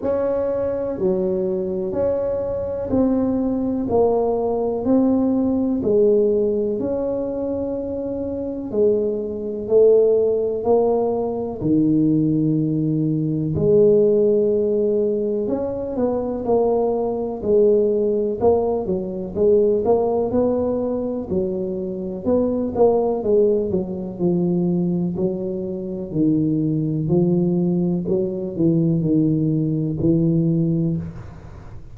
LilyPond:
\new Staff \with { instrumentName = "tuba" } { \time 4/4 \tempo 4 = 62 cis'4 fis4 cis'4 c'4 | ais4 c'4 gis4 cis'4~ | cis'4 gis4 a4 ais4 | dis2 gis2 |
cis'8 b8 ais4 gis4 ais8 fis8 | gis8 ais8 b4 fis4 b8 ais8 | gis8 fis8 f4 fis4 dis4 | f4 fis8 e8 dis4 e4 | }